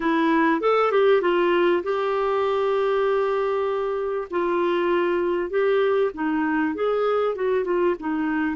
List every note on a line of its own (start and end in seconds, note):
0.00 0.60 E4
0.61 0.91 A4
0.91 1.21 G4
1.21 1.83 F4
1.83 4.28 G4
4.30 5.50 F4
5.50 6.11 G4
6.14 6.74 D#4
6.74 7.35 G#4
7.35 7.64 F#4
7.64 7.95 F4
7.99 8.56 D#4